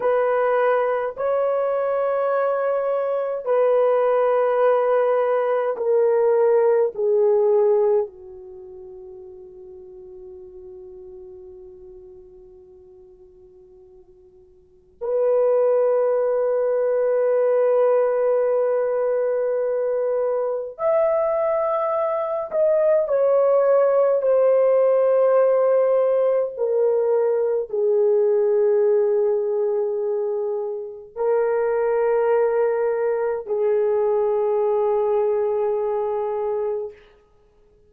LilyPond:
\new Staff \with { instrumentName = "horn" } { \time 4/4 \tempo 4 = 52 b'4 cis''2 b'4~ | b'4 ais'4 gis'4 fis'4~ | fis'1~ | fis'4 b'2.~ |
b'2 e''4. dis''8 | cis''4 c''2 ais'4 | gis'2. ais'4~ | ais'4 gis'2. | }